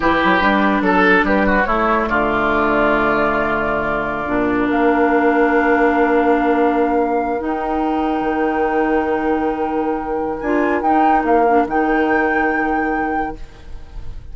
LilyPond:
<<
  \new Staff \with { instrumentName = "flute" } { \time 4/4 \tempo 4 = 144 b'2 a'4 b'4 | cis''4 d''2.~ | d''2.~ d''16 f''8.~ | f''1~ |
f''4.~ f''16 g''2~ g''16~ | g''1~ | g''4 gis''4 g''4 f''4 | g''1 | }
  \new Staff \with { instrumentName = "oboe" } { \time 4/4 g'2 a'4 g'8 fis'8 | e'4 f'2.~ | f'2. ais'4~ | ais'1~ |
ais'1~ | ais'1~ | ais'1~ | ais'1 | }
  \new Staff \with { instrumentName = "clarinet" } { \time 4/4 e'4 d'2. | a1~ | a2~ a16 d'4.~ d'16~ | d'1~ |
d'4.~ d'16 dis'2~ dis'16~ | dis'1~ | dis'4 f'4 dis'4. d'8 | dis'1 | }
  \new Staff \with { instrumentName = "bassoon" } { \time 4/4 e8 fis8 g4 fis4 g4 | a4 d2.~ | d2~ d16 ais,4 ais8.~ | ais1~ |
ais4.~ ais16 dis'2 dis16~ | dis1~ | dis4 d'4 dis'4 ais4 | dis1 | }
>>